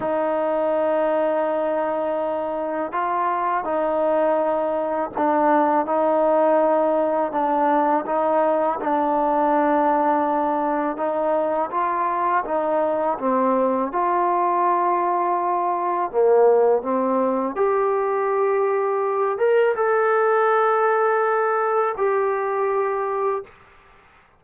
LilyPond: \new Staff \with { instrumentName = "trombone" } { \time 4/4 \tempo 4 = 82 dis'1 | f'4 dis'2 d'4 | dis'2 d'4 dis'4 | d'2. dis'4 |
f'4 dis'4 c'4 f'4~ | f'2 ais4 c'4 | g'2~ g'8 ais'8 a'4~ | a'2 g'2 | }